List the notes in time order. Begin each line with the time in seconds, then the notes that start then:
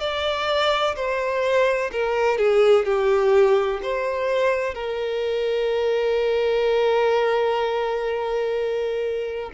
0.00 D5
0.96 C5
1.92 A#4
2.38 G#4
2.85 G4
3.82 C5
4.74 A#4